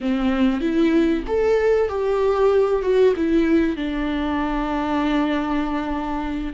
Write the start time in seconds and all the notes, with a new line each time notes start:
0.00 C4
0.60 E4
1.27 A4
1.89 G4
2.82 F#4
3.16 E4
3.76 D4